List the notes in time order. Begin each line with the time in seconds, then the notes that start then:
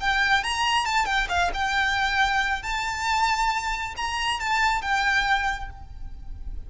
0.00 G5
0.43 A#5
0.85 A5
1.05 G5
1.29 F5
1.53 G5
2.62 A5
3.96 A#5
4.40 A5
4.81 G5